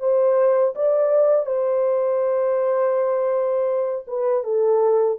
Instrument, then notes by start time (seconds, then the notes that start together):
horn
0.00 C5
0.75 D5
1.46 C5
4.07 B4
4.44 A4